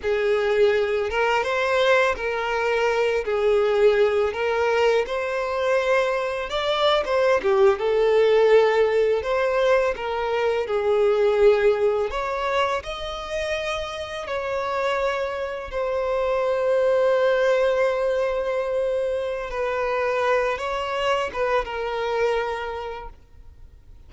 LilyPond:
\new Staff \with { instrumentName = "violin" } { \time 4/4 \tempo 4 = 83 gis'4. ais'8 c''4 ais'4~ | ais'8 gis'4. ais'4 c''4~ | c''4 d''8. c''8 g'8 a'4~ a'16~ | a'8. c''4 ais'4 gis'4~ gis'16~ |
gis'8. cis''4 dis''2 cis''16~ | cis''4.~ cis''16 c''2~ c''16~ | c''2. b'4~ | b'8 cis''4 b'8 ais'2 | }